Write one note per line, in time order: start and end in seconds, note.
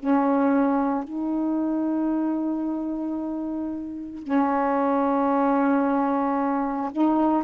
0.00 1.04 C#4
1.04 4.24 D#4
4.24 6.92 C#4
6.92 7.44 D#4